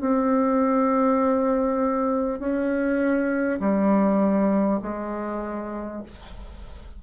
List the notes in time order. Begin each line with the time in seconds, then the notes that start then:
0.00 C4
2.39 C#4
3.59 G3
4.82 G#3